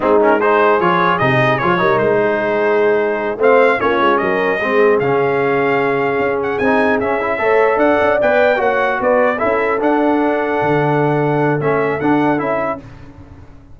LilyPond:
<<
  \new Staff \with { instrumentName = "trumpet" } { \time 4/4 \tempo 4 = 150 gis'8 ais'8 c''4 cis''4 dis''4 | cis''4 c''2.~ | c''8 f''4 cis''4 dis''4.~ | dis''8 f''2.~ f''8 |
fis''8 gis''4 e''2 fis''8~ | fis''8 g''4 fis''4 d''4 e''8~ | e''8 fis''2.~ fis''8~ | fis''4 e''4 fis''4 e''4 | }
  \new Staff \with { instrumentName = "horn" } { \time 4/4 dis'4 gis'2.~ | gis'8 ais'4 gis'2~ gis'8~ | gis'8 c''4 f'4 ais'4 gis'8~ | gis'1~ |
gis'2~ gis'8 cis''4 d''8~ | d''4. cis''4 b'4 a'8~ | a'1~ | a'1 | }
  \new Staff \with { instrumentName = "trombone" } { \time 4/4 c'8 cis'8 dis'4 f'4 dis'4 | f'8 dis'2.~ dis'8~ | dis'8 c'4 cis'2 c'8~ | c'8 cis'2.~ cis'8~ |
cis'8 dis'4 cis'8 e'8 a'4.~ | a'8 b'4 fis'2 e'8~ | e'8 d'2.~ d'8~ | d'4 cis'4 d'4 e'4 | }
  \new Staff \with { instrumentName = "tuba" } { \time 4/4 gis2 f4 c4 | f8 g8 gis2.~ | gis8 a4 ais8 gis8 fis4 gis8~ | gis8 cis2. cis'8~ |
cis'8 c'4 cis'4 a4 d'8 | cis'8 b4 ais4 b4 cis'8~ | cis'8 d'2 d4.~ | d4 a4 d'4 cis'4 | }
>>